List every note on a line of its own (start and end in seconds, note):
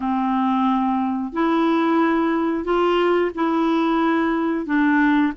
0.00 1.32 C4
1.32 2.64 E4
2.64 3.31 F4
3.35 4.66 E4
4.66 5.32 D4